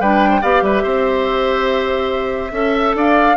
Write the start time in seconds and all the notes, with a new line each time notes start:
0.00 G3 D4 B4 G5
0.30 C5
0.42 B3 G4 D5 F5
0.62 G3 B4 E5
0.83 C4 C5
2.52 C#4 A4 E5
2.95 D4 D5 F5